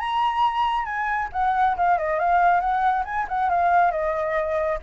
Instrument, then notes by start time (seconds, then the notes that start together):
flute
0.00 A#5
0.85 G#5
1.33 F#5
1.77 F5
1.98 D#5
2.19 F5
2.61 F#5
3.05 G#5
3.29 F#5
3.50 F5
3.92 D#5